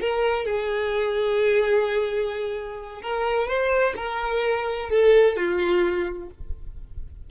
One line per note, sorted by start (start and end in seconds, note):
0.00 0.45 A#4
0.45 3.01 G#4
3.01 3.47 A#4
3.47 3.94 C5
3.96 4.89 A#4
4.89 5.36 A4
5.36 6.29 F4